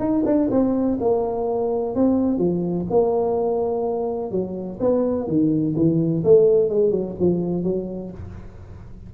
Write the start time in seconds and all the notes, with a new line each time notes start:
0.00 D#4
0.26 D4
0.51 C4
1.00 A#3
1.96 C4
2.38 F3
2.90 A#3
4.32 F#3
4.81 B3
5.27 D#3
5.76 E3
6.24 A3
6.70 G#3
6.91 F#3
7.20 F3
7.64 F#3